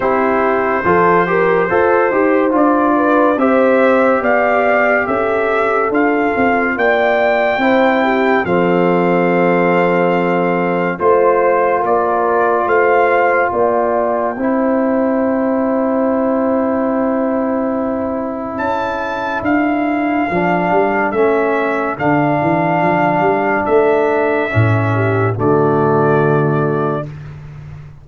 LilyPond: <<
  \new Staff \with { instrumentName = "trumpet" } { \time 4/4 \tempo 4 = 71 c''2. d''4 | e''4 f''4 e''4 f''4 | g''2 f''2~ | f''4 c''4 d''4 f''4 |
g''1~ | g''2 a''4 f''4~ | f''4 e''4 f''2 | e''2 d''2 | }
  \new Staff \with { instrumentName = "horn" } { \time 4/4 g'4 a'8 ais'8 c''4. b'8 | c''4 d''4 a'2 | d''4 c''8 g'8 a'2~ | a'4 c''4 ais'4 c''4 |
d''4 c''2.~ | c''2 a'2~ | a'1~ | a'4. g'8 fis'2 | }
  \new Staff \with { instrumentName = "trombone" } { \time 4/4 e'4 f'8 g'8 a'8 g'8 f'4 | g'2. f'4~ | f'4 e'4 c'2~ | c'4 f'2.~ |
f'4 e'2.~ | e'1 | d'4 cis'4 d'2~ | d'4 cis'4 a2 | }
  \new Staff \with { instrumentName = "tuba" } { \time 4/4 c'4 f4 f'8 dis'8 d'4 | c'4 b4 cis'4 d'8 c'8 | ais4 c'4 f2~ | f4 a4 ais4 a4 |
ais4 c'2.~ | c'2 cis'4 d'4 | f8 g8 a4 d8 e8 f8 g8 | a4 a,4 d2 | }
>>